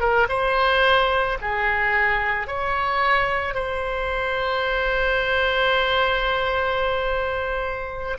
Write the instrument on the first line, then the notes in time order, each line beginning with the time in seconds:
oboe
0.00 A#4
0.29 C5
1.41 G#4
2.47 C#5
3.54 C5